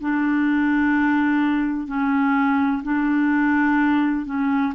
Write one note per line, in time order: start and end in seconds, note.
0.00 1.87 D4
1.87 2.82 C#4
2.83 4.25 D4
4.25 4.73 C#4